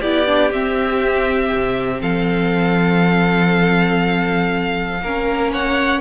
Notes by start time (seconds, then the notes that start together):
0.00 B3 E4 G4 D5
0.27 D4
0.52 C4 E5
1.53 C3
2.01 F3 A4 F5
5.00 A#3 C#4 A#4
5.53 C#5 F#5